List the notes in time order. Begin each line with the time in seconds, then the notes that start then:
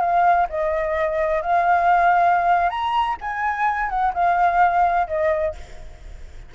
0.00 F5
0.49 D#5
1.42 F5
2.70 A#5
3.21 G#5
3.89 F#5
4.14 F5
5.08 D#5